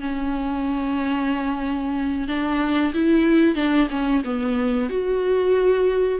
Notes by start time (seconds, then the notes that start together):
0.00 C#4
2.28 D4
2.93 E4
3.55 D4
3.90 C#4
4.24 B3
4.89 F#4